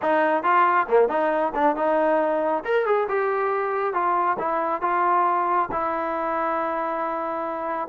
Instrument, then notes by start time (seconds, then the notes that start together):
trombone
0.02 D#4
0.43 F4
0.88 A#3
1.08 D#4
1.54 D4
1.76 D#4
2.64 A#4
2.85 G#4
3.08 G4
3.93 F4
4.38 E4
4.81 F4
5.71 E4